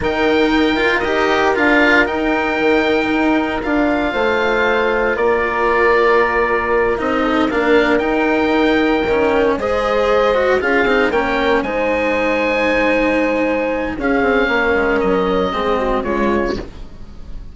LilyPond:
<<
  \new Staff \with { instrumentName = "oboe" } { \time 4/4 \tempo 4 = 116 g''2 dis''4 f''4 | g''2. f''4~ | f''2 d''2~ | d''4. dis''4 f''4 g''8~ |
g''2~ g''8 dis''4.~ | dis''8 f''4 g''4 gis''4.~ | gis''2. f''4~ | f''4 dis''2 cis''4 | }
  \new Staff \with { instrumentName = "horn" } { \time 4/4 ais'1~ | ais'1 | c''2 ais'2~ | ais'2 a'8 ais'4.~ |
ais'2~ ais'8 c''4.~ | c''8 gis'4 ais'4 c''4.~ | c''2. gis'4 | ais'2 gis'8 fis'8 f'4 | }
  \new Staff \with { instrumentName = "cello" } { \time 4/4 dis'4. f'8 g'4 f'4 | dis'2. f'4~ | f'1~ | f'4. dis'4 d'4 dis'8~ |
dis'4. cis'4 gis'4. | fis'8 f'8 dis'8 cis'4 dis'4.~ | dis'2. cis'4~ | cis'2 c'4 gis4 | }
  \new Staff \with { instrumentName = "bassoon" } { \time 4/4 dis2 dis'4 d'4 | dis'4 dis4 dis'4 d'4 | a2 ais2~ | ais4. c'4 ais4 dis'8~ |
dis'4. dis4 gis4.~ | gis8 cis'8 c'8 ais4 gis4.~ | gis2. cis'8 c'8 | ais8 gis8 fis4 gis4 cis4 | }
>>